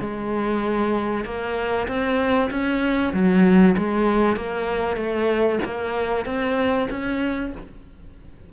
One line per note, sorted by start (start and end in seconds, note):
0.00 1.25 G#3
1.25 1.87 A#3
1.88 2.50 C4
2.51 3.13 C#4
3.13 3.76 F#3
3.78 4.37 G#3
4.37 4.97 A#3
4.97 5.59 A3
5.65 6.26 A#3
6.26 6.88 C4
6.90 7.53 C#4